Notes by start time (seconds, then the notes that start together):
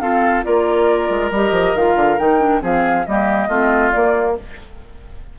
0.00 C4 F4 A4 F5
0.43 A#3 F4 A#4 D5
1.09 G#3
1.31 G3 G4 D#5
1.50 F3
1.74 D#3 F4 F5
1.95 D3
2.18 D#3 D#4 G5
2.39 D4
2.60 F3 C4 G#4 F5
3.06 G3 A#3 G4 D#5
3.48 A3 C4 F4
3.91 A#3 D5